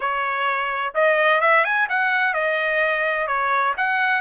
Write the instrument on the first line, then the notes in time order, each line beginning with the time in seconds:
trumpet
0.00 C#5
0.94 D#5
1.41 E5
1.64 G#5
1.89 F#5
2.33 D#5
3.27 C#5
3.77 F#5